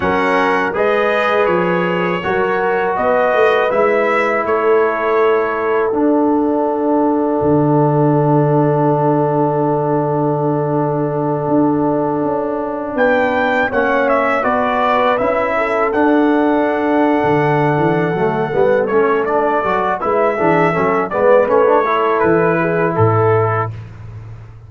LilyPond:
<<
  \new Staff \with { instrumentName = "trumpet" } { \time 4/4 \tempo 4 = 81 fis''4 dis''4 cis''2 | dis''4 e''4 cis''2 | fis''1~ | fis''1~ |
fis''4. g''4 fis''8 e''8 d''8~ | d''8 e''4 fis''2~ fis''8~ | fis''4. cis''8 d''4 e''4~ | e''8 d''8 cis''4 b'4 a'4 | }
  \new Staff \with { instrumentName = "horn" } { \time 4/4 ais'4 b'2 ais'4 | b'2 a'2~ | a'1~ | a'1~ |
a'4. b'4 cis''4 b'8~ | b'4 a'2.~ | a'2. b'8 gis'8 | a'8 b'4 a'4 gis'8 a'4 | }
  \new Staff \with { instrumentName = "trombone" } { \time 4/4 cis'4 gis'2 fis'4~ | fis'4 e'2. | d'1~ | d'1~ |
d'2~ d'8 cis'4 fis'8~ | fis'8 e'4 d'2~ d'8~ | d'8 a8 b8 cis'8 d'8 fis'8 e'8 d'8 | cis'8 b8 cis'16 d'16 e'2~ e'8 | }
  \new Staff \with { instrumentName = "tuba" } { \time 4/4 fis4 gis4 f4 fis4 | b8 a8 gis4 a2 | d'2 d2~ | d2.~ d8 d'8~ |
d'8 cis'4 b4 ais4 b8~ | b8 cis'4 d'4.~ d'16 d8. | e8 fis8 g8 a4 fis8 gis8 e8 | fis8 gis8 a4 e4 a,4 | }
>>